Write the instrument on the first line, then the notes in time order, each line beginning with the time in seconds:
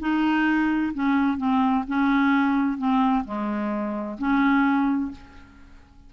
clarinet
0.00 D#4
0.94 C#4
1.38 C4
1.88 C#4
2.78 C4
3.25 G#3
4.19 C#4